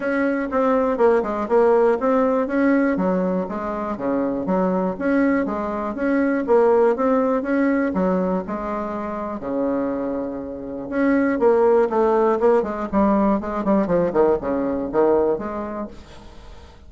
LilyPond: \new Staff \with { instrumentName = "bassoon" } { \time 4/4 \tempo 4 = 121 cis'4 c'4 ais8 gis8 ais4 | c'4 cis'4 fis4 gis4 | cis4 fis4 cis'4 gis4 | cis'4 ais4 c'4 cis'4 |
fis4 gis2 cis4~ | cis2 cis'4 ais4 | a4 ais8 gis8 g4 gis8 g8 | f8 dis8 cis4 dis4 gis4 | }